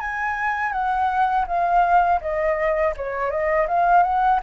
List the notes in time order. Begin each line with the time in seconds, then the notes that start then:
0.00 G#5
0.73 F#5
1.47 F5
2.21 D#5
2.96 C#5
3.31 D#5
3.68 F5
4.03 F#5